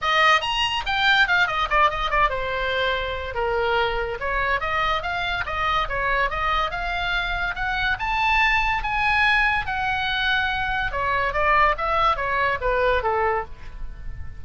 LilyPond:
\new Staff \with { instrumentName = "oboe" } { \time 4/4 \tempo 4 = 143 dis''4 ais''4 g''4 f''8 dis''8 | d''8 dis''8 d''8 c''2~ c''8 | ais'2 cis''4 dis''4 | f''4 dis''4 cis''4 dis''4 |
f''2 fis''4 a''4~ | a''4 gis''2 fis''4~ | fis''2 cis''4 d''4 | e''4 cis''4 b'4 a'4 | }